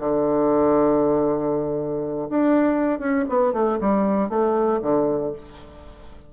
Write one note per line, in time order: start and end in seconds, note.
0.00 2.29 D3
2.30 3.00 D4
3.00 3.25 C#4
3.29 3.53 B3
3.53 3.79 A3
3.81 4.30 G3
4.30 4.81 A3
4.82 5.33 D3